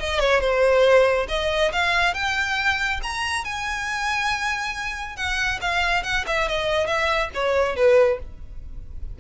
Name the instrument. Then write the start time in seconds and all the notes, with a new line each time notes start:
violin
0.00 D#5
0.20 C#5
0.41 C5
1.29 D#5
1.73 F5
2.14 G5
3.03 A#5
3.45 G#5
5.17 F#5
5.61 F5
6.03 F#5
6.27 E5
6.49 D#5
6.87 E5
7.34 C#5
7.76 B4